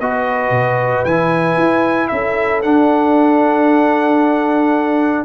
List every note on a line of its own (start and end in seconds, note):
0.00 0.50 B3
0.00 1.07 F#4
0.00 2.11 B4
0.00 1.05 D#5
0.50 1.03 B2
1.05 1.57 E3
1.05 2.63 E4
1.05 2.08 G#5
1.57 2.10 E4
2.08 2.64 C#4
2.08 5.25 A4
2.08 2.61 E5
2.62 5.25 D4
2.62 5.25 F#5